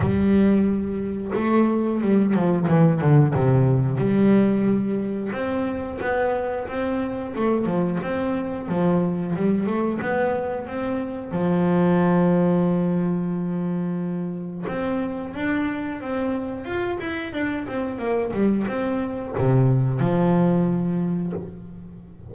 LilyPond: \new Staff \with { instrumentName = "double bass" } { \time 4/4 \tempo 4 = 90 g2 a4 g8 f8 | e8 d8 c4 g2 | c'4 b4 c'4 a8 f8 | c'4 f4 g8 a8 b4 |
c'4 f2.~ | f2 c'4 d'4 | c'4 f'8 e'8 d'8 c'8 ais8 g8 | c'4 c4 f2 | }